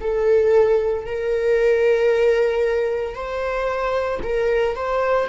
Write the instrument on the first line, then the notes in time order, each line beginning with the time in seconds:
viola
0.00 A4
1.06 A#4
3.14 C5
4.23 A#4
4.75 C5